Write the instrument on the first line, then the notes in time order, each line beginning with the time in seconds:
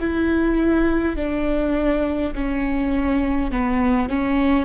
viola
0.00 E4
1.16 D4
2.35 C#4
3.51 B3
4.09 C#4